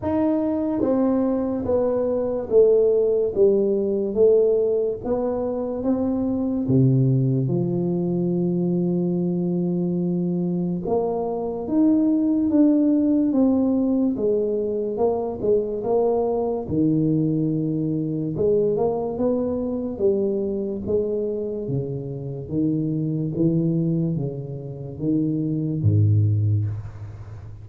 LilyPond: \new Staff \with { instrumentName = "tuba" } { \time 4/4 \tempo 4 = 72 dis'4 c'4 b4 a4 | g4 a4 b4 c'4 | c4 f2.~ | f4 ais4 dis'4 d'4 |
c'4 gis4 ais8 gis8 ais4 | dis2 gis8 ais8 b4 | g4 gis4 cis4 dis4 | e4 cis4 dis4 gis,4 | }